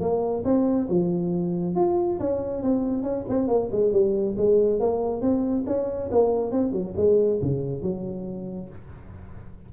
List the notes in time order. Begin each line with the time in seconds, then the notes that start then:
0.00 A#3
0.44 C4
0.89 F3
1.75 F4
2.20 C#4
2.63 C4
3.03 C#4
3.29 C4
3.47 A#3
3.72 G#3
3.92 G3
4.37 G#3
4.80 A#3
5.21 C4
5.66 C#4
6.11 A#3
6.51 C4
6.72 F#3
6.96 G#3
7.42 C#3
7.82 F#3